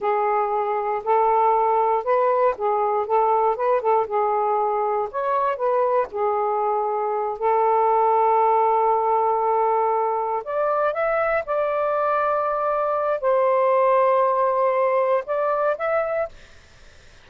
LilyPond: \new Staff \with { instrumentName = "saxophone" } { \time 4/4 \tempo 4 = 118 gis'2 a'2 | b'4 gis'4 a'4 b'8 a'8 | gis'2 cis''4 b'4 | gis'2~ gis'8 a'4.~ |
a'1~ | a'8 d''4 e''4 d''4.~ | d''2 c''2~ | c''2 d''4 e''4 | }